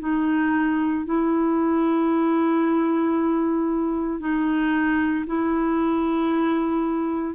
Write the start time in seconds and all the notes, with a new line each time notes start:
0.00 D#4
1.06 E4
4.20 D#4
5.27 E4